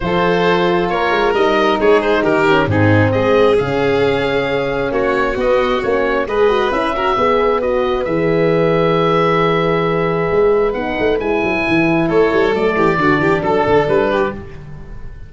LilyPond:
<<
  \new Staff \with { instrumentName = "oboe" } { \time 4/4 \tempo 4 = 134 c''2 cis''4 dis''4 | cis''8 c''8 ais'4 gis'4 dis''4 | f''2. cis''4 | dis''4 cis''4 dis''4 e''4~ |
e''4 dis''4 e''2~ | e''1 | fis''4 gis''2 cis''4 | d''2 a'4 b'4 | }
  \new Staff \with { instrumentName = "violin" } { \time 4/4 a'2 ais'2 | gis'4 g'4 dis'4 gis'4~ | gis'2. fis'4~ | fis'2 b'4. ais'8 |
b'1~ | b'1~ | b'2. a'4~ | a'8 g'8 fis'8 g'8 a'4. g'8 | }
  \new Staff \with { instrumentName = "horn" } { \time 4/4 f'2. dis'4~ | dis'4. cis'8 c'2 | cis'1 | b4 cis'4 gis'8 fis'8 e'8 fis'8 |
gis'4 fis'4 gis'2~ | gis'1 | dis'4 e'2. | a4 d'2. | }
  \new Staff \with { instrumentName = "tuba" } { \time 4/4 f2 ais8 gis8 g4 | gis4 dis4 gis,4 gis4 | cis2. ais4 | b4 ais4 gis4 cis'4 |
b2 e2~ | e2. gis4 | b8 a8 gis8 fis8 e4 a8 g8 | fis8 e8 d8 e8 fis8 d8 g4 | }
>>